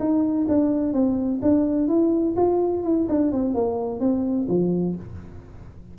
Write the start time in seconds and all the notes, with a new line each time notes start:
0.00 D#4
0.49 D4
0.94 C4
1.42 D4
1.88 E4
2.37 F4
2.84 E4
3.09 D4
3.32 C4
3.55 A#3
4.01 C4
4.49 F3